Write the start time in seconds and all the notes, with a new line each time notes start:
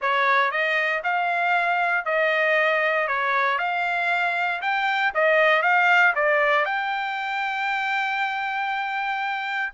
0.01 C#5
0.51 D#5
1.03 F5
2.05 D#5
3.07 C#5
3.58 F5
4.61 G5
5.14 D#5
5.62 F5
6.15 D5
6.65 G5